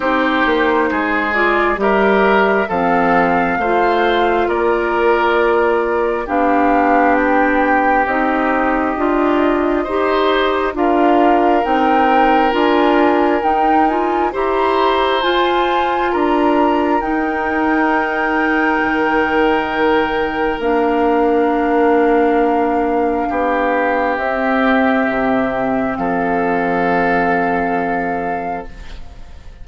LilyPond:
<<
  \new Staff \with { instrumentName = "flute" } { \time 4/4 \tempo 4 = 67 c''4. d''8 e''4 f''4~ | f''4 d''2 f''4 | g''4 dis''2. | f''4 g''4 gis''4 g''8 gis''8 |
ais''4 gis''4 ais''4 g''4~ | g''2. f''4~ | f''2. e''4~ | e''4 f''2. | }
  \new Staff \with { instrumentName = "oboe" } { \time 4/4 g'4 gis'4 ais'4 a'4 | c''4 ais'2 g'4~ | g'2. c''4 | ais'1 |
c''2 ais'2~ | ais'1~ | ais'2 g'2~ | g'4 a'2. | }
  \new Staff \with { instrumentName = "clarinet" } { \time 4/4 dis'4. f'8 g'4 c'4 | f'2. d'4~ | d'4 dis'4 f'4 g'4 | f'4 dis'4 f'4 dis'8 f'8 |
g'4 f'2 dis'4~ | dis'2. d'4~ | d'2. c'4~ | c'1 | }
  \new Staff \with { instrumentName = "bassoon" } { \time 4/4 c'8 ais8 gis4 g4 f4 | a4 ais2 b4~ | b4 c'4 d'4 dis'4 | d'4 c'4 d'4 dis'4 |
e'4 f'4 d'4 dis'4~ | dis'4 dis2 ais4~ | ais2 b4 c'4 | c4 f2. | }
>>